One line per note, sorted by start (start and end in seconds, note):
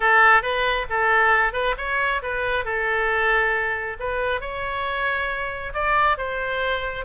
0.00 0.42 A4
0.42 0.86 B4
0.89 1.53 A4
1.53 1.75 B4
1.77 2.21 C#5
2.22 2.65 B4
2.65 3.97 A4
3.99 4.40 B4
4.40 5.73 C#5
5.73 6.17 D5
6.17 7.05 C5